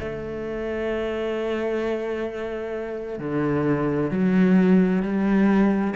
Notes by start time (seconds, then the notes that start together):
0.00 A3
3.20 D3
4.11 F#3
5.03 G3